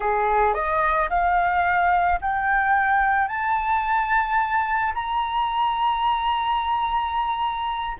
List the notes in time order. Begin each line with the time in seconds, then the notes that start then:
0.00 G#4
0.54 D#5
1.09 F5
2.21 G5
3.28 A5
4.94 A#5